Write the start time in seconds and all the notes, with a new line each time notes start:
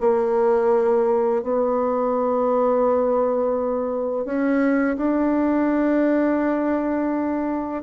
0.00 A#3
1.43 B3
4.25 C#4
4.97 D4